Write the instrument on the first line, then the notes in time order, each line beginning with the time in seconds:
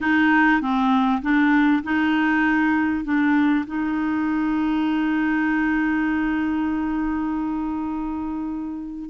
clarinet
0.00 D#4
0.61 C4
1.22 D4
1.83 D#4
3.04 D4
3.66 D#4